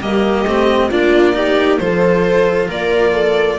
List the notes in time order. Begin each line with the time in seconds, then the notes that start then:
0.00 G3 A#3 G4 D#5
0.45 A3 C4
0.90 A#3 D4 F4 D5
1.34 D#4 G4
1.79 F3 F4 A4 C5
2.69 A#3 A#4 D5
3.13 A4